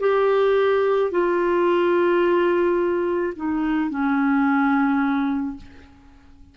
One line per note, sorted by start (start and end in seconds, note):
0.00 1.11 G4
1.11 3.33 F4
3.36 3.89 D#4
3.89 5.56 C#4